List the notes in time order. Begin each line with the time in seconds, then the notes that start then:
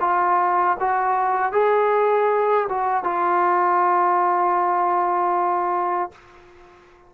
0.00 F4
0.80 F#4
1.52 G#4
2.69 F#4
3.04 F4